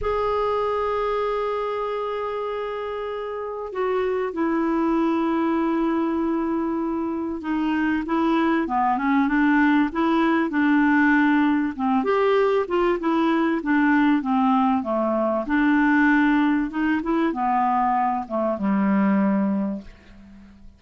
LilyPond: \new Staff \with { instrumentName = "clarinet" } { \time 4/4 \tempo 4 = 97 gis'1~ | gis'2 fis'4 e'4~ | e'1 | dis'4 e'4 b8 cis'8 d'4 |
e'4 d'2 c'8 g'8~ | g'8 f'8 e'4 d'4 c'4 | a4 d'2 dis'8 e'8 | b4. a8 g2 | }